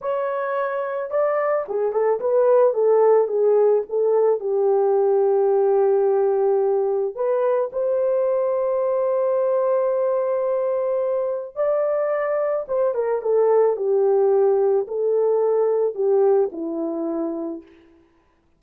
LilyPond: \new Staff \with { instrumentName = "horn" } { \time 4/4 \tempo 4 = 109 cis''2 d''4 gis'8 a'8 | b'4 a'4 gis'4 a'4 | g'1~ | g'4 b'4 c''2~ |
c''1~ | c''4 d''2 c''8 ais'8 | a'4 g'2 a'4~ | a'4 g'4 e'2 | }